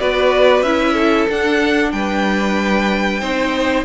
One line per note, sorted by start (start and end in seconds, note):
0.00 0.62 B3
0.00 0.65 F#4
0.00 0.94 B4
0.00 0.62 D5
0.62 1.27 C#4
0.62 1.29 E4
0.62 1.27 E5
0.94 1.90 A4
1.29 3.22 D4
1.29 1.93 D4
1.29 1.92 F#5
1.92 3.21 G3
1.92 3.21 B4
1.92 3.85 G5
3.21 3.85 C4
3.21 3.85 D#4
3.21 3.85 C5